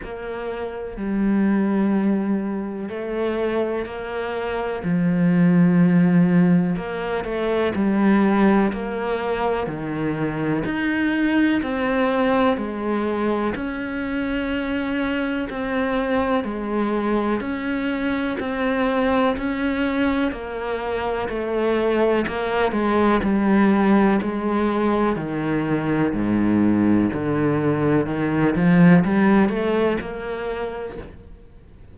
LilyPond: \new Staff \with { instrumentName = "cello" } { \time 4/4 \tempo 4 = 62 ais4 g2 a4 | ais4 f2 ais8 a8 | g4 ais4 dis4 dis'4 | c'4 gis4 cis'2 |
c'4 gis4 cis'4 c'4 | cis'4 ais4 a4 ais8 gis8 | g4 gis4 dis4 gis,4 | d4 dis8 f8 g8 a8 ais4 | }